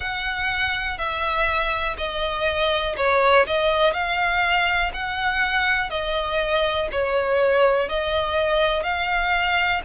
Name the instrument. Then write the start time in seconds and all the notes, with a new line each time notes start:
violin
0.00 F#5
0.98 E5
1.97 D#5
2.96 C#5
3.46 D#5
3.93 F5
4.93 F#5
5.90 D#5
6.91 C#5
7.89 D#5
8.83 F5